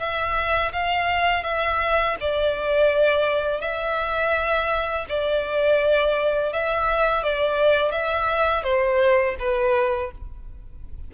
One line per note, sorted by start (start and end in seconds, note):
0.00 0.72 E5
0.73 1.44 F5
1.44 2.16 E5
2.20 3.61 D5
3.61 5.06 E5
5.09 6.53 D5
6.53 7.24 E5
7.24 7.92 D5
7.92 8.64 E5
8.64 9.36 C5
9.39 10.12 B4